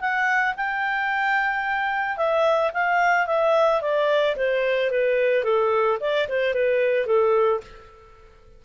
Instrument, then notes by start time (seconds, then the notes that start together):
clarinet
0.00 F#5
0.56 G5
2.17 E5
2.73 F5
3.27 E5
3.81 D5
4.36 C5
4.90 B4
5.43 A4
6.00 D5
6.29 C5
6.54 B4
7.06 A4